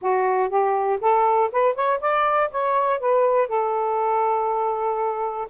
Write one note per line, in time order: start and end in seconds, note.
0.01 0.49 F#4
0.49 0.99 G4
1.00 1.50 A4
1.52 1.75 B4
1.75 2.00 C#5
2.00 2.50 D5
2.50 2.99 C#5
2.99 3.47 B4
3.47 5.47 A4